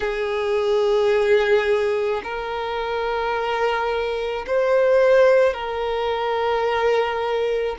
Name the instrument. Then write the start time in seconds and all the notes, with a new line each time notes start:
violin
0.00 G#4
2.23 A#4
4.46 C5
5.53 A#4